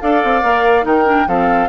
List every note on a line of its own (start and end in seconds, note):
0.00 0.23 D4
0.00 0.42 A4
0.00 0.85 D5
0.00 0.85 F5
0.23 0.43 C4
0.42 0.85 A#3
0.42 0.82 A#4
0.82 1.27 D#3
0.82 1.03 D#4
0.82 1.27 A#4
0.82 1.28 G5
1.05 1.26 D4
1.27 1.69 F3
1.27 1.69 C4
1.27 1.69 A4
1.27 1.69 F5